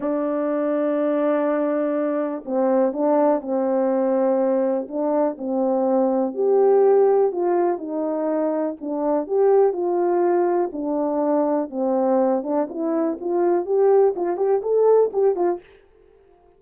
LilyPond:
\new Staff \with { instrumentName = "horn" } { \time 4/4 \tempo 4 = 123 d'1~ | d'4 c'4 d'4 c'4~ | c'2 d'4 c'4~ | c'4 g'2 f'4 |
dis'2 d'4 g'4 | f'2 d'2 | c'4. d'8 e'4 f'4 | g'4 f'8 g'8 a'4 g'8 f'8 | }